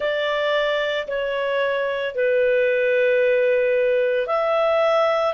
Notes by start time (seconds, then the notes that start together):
0.00 D5
1.07 C#5
2.14 B4
4.27 E5